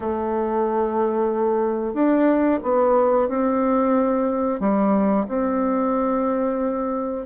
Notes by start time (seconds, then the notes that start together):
0.00 A3
1.93 D4
2.63 B3
3.28 C4
4.60 G3
5.28 C4